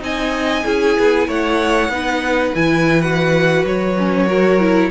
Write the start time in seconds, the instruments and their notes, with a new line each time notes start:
0.00 cello C4, viola D#4, violin D#5 G#5
0.65 cello C#4, viola E4, violin G#4
0.99 cello B3
1.28 cello A3, violin C#5 F#5
1.89 cello B3, viola D#4, violin B4
2.55 cello E3, viola E4, violin G#5
3.02 viola F#4, violin F#5
3.64 cello F#3, violin C#5
3.98 viola C#4
4.27 viola F#4, violin A#4
4.60 viola E4